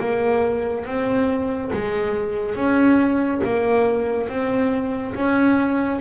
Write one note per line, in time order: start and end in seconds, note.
0.00 0.85 A#3
0.85 1.71 C4
1.73 2.56 G#3
2.56 3.41 C#4
3.44 4.29 A#3
4.29 5.15 C4
5.15 6.00 C#4